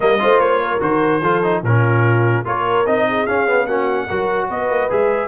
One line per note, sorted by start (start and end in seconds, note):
0.00 0.21 G3
0.00 0.18 A#3
0.00 0.21 A#4
0.00 0.39 D#5
0.18 0.39 A3
0.18 0.80 F4
0.18 0.62 C5
0.39 0.80 A#3
0.39 0.80 C#5
0.62 1.22 A#4
0.80 1.22 D#3
0.80 1.20 F#4
0.80 1.63 C5
1.22 1.62 F3
1.22 1.43 F4
1.22 1.62 A4
1.43 1.63 D#4
1.62 2.44 A#2
1.62 2.44 C#4
1.62 2.45 F4
1.62 2.46 A#4
2.44 2.86 A#3
2.44 2.85 F4
2.44 3.06 A#4
2.44 2.86 C#5
2.86 3.27 C4
2.86 3.27 D#4
2.86 3.26 D#5
3.09 3.65 G#4
3.26 3.46 C#4
3.26 3.66 C#4
3.26 3.66 F5
3.46 3.67 B3
3.65 4.07 A#3
3.65 4.08 C#4
3.65 4.06 F#4
3.65 4.47 F#5
4.07 4.49 F#3
4.07 4.89 F#4
4.07 4.48 A#4
4.48 4.69 B3
4.48 5.28 B4
4.48 4.90 D#5
4.69 4.89 A#3
4.89 5.28 G#3
4.89 5.28 G#4
4.89 5.28 E5